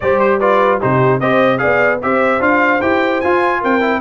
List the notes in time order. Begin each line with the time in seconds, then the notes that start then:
0.00 G3 G4 C5 D5
0.19 C5
0.39 F4 B4 D5
0.79 C3 D#4 G4 C5
1.20 C4 G4 C5 D#5
1.58 B3 G#4 D5 F5
2.02 C4 G4 C5 E5
2.40 D4 F4 F5
2.81 E4 G4 G5
3.20 F4 G#5
3.60 C4 A#4 G5
3.80 E4